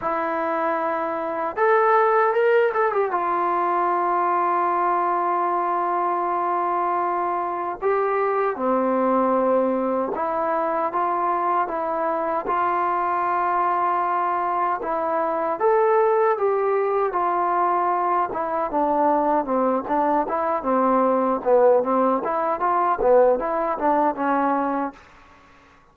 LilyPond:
\new Staff \with { instrumentName = "trombone" } { \time 4/4 \tempo 4 = 77 e'2 a'4 ais'8 a'16 g'16 | f'1~ | f'2 g'4 c'4~ | c'4 e'4 f'4 e'4 |
f'2. e'4 | a'4 g'4 f'4. e'8 | d'4 c'8 d'8 e'8 c'4 b8 | c'8 e'8 f'8 b8 e'8 d'8 cis'4 | }